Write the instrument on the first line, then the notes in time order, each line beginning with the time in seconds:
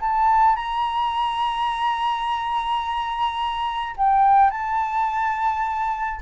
flute
0.00 A5
0.56 A#5
3.97 G5
4.51 A5